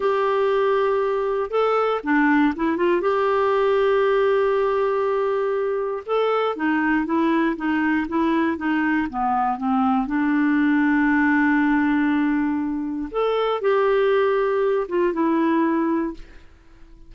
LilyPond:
\new Staff \with { instrumentName = "clarinet" } { \time 4/4 \tempo 4 = 119 g'2. a'4 | d'4 e'8 f'8 g'2~ | g'1 | a'4 dis'4 e'4 dis'4 |
e'4 dis'4 b4 c'4 | d'1~ | d'2 a'4 g'4~ | g'4. f'8 e'2 | }